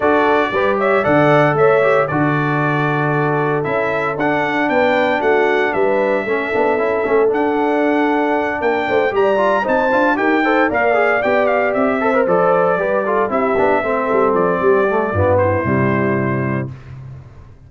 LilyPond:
<<
  \new Staff \with { instrumentName = "trumpet" } { \time 4/4 \tempo 4 = 115 d''4. e''8 fis''4 e''4 | d''2. e''4 | fis''4 g''4 fis''4 e''4~ | e''2 fis''2~ |
fis''8 g''4 ais''4 a''4 g''8~ | g''8 f''4 g''8 f''8 e''4 d''8~ | d''4. e''2 d''8~ | d''4. c''2~ c''8 | }
  \new Staff \with { instrumentName = "horn" } { \time 4/4 a'4 b'8 cis''8 d''4 cis''4 | a'1~ | a'4 b'4 fis'4 b'4 | a'1~ |
a'8 ais'8 c''8 d''4 c''4 ais'8 | c''8 d''2~ d''8 c''4~ | c''8 b'8 a'8 g'4 a'4. | g'4 f'8 e'2~ e'8 | }
  \new Staff \with { instrumentName = "trombone" } { \time 4/4 fis'4 g'4 a'4. g'8 | fis'2. e'4 | d'1 | cis'8 d'8 e'8 cis'8 d'2~ |
d'4. g'8 f'8 dis'8 f'8 g'8 | a'8 ais'8 gis'8 g'4. a'16 ais'16 a'8~ | a'8 g'8 f'8 e'8 d'8 c'4.~ | c'8 a8 b4 g2 | }
  \new Staff \with { instrumentName = "tuba" } { \time 4/4 d'4 g4 d4 a4 | d2. cis'4 | d'4 b4 a4 g4 | a8 b8 cis'8 a8 d'2~ |
d'8 ais8 a8 g4 c'8 d'8 dis'8~ | dis'8 ais4 b4 c'4 f8~ | f8 g4 c'8 b8 a8 g8 f8 | g4 g,4 c2 | }
>>